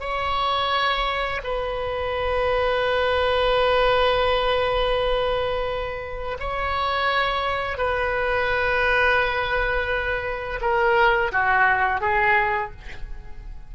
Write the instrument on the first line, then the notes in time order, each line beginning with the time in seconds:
oboe
0.00 C#5
1.44 B4
6.40 C#5
7.78 B4
10.61 A#4
11.32 F#4
12.01 G#4